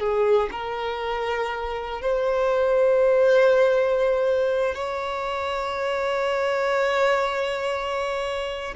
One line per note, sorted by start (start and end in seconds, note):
0.00 0.50 G#4
0.52 2.02 A#4
2.02 4.75 C5
4.75 8.75 C#5